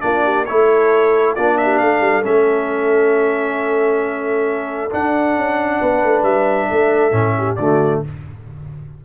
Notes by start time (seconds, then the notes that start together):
0.00 A#3 D4 F4 D5
0.24 G4
0.45 A3 E4 A4 C#5
1.35 A#3 D4 F4 D5
1.57 G4 E5
1.78 A3 A4 F5
2.00 G3
2.23 A3 C#4 E5
4.90 D4 F#5
5.36 C#4
5.80 B3 B4
6.03 A3
6.23 G3 E5
6.69 A3 A4
7.11 A2 C#4
7.37 G4
7.56 D3 A3 F#4 D5